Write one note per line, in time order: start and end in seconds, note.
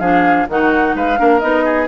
0.00 0.47 F3
0.00 0.49 D4
0.00 0.47 G#4
0.00 0.47 F5
0.49 0.95 D#3
0.49 1.17 D#4
0.49 0.96 F#4
0.49 0.96 F#5
0.95 1.19 G#3
0.95 1.19 B4
0.95 1.40 F5
1.17 1.42 A#3
1.17 1.41 D4
1.17 1.64 A#4
1.40 1.88 B3
1.40 1.88 D#4
1.40 1.87 D#5
1.64 1.88 G#4